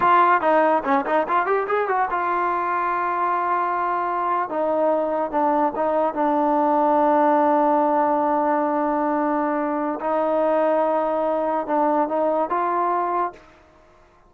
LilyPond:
\new Staff \with { instrumentName = "trombone" } { \time 4/4 \tempo 4 = 144 f'4 dis'4 cis'8 dis'8 f'8 g'8 | gis'8 fis'8 f'2.~ | f'2~ f'8. dis'4~ dis'16~ | dis'8. d'4 dis'4 d'4~ d'16~ |
d'1~ | d'1 | dis'1 | d'4 dis'4 f'2 | }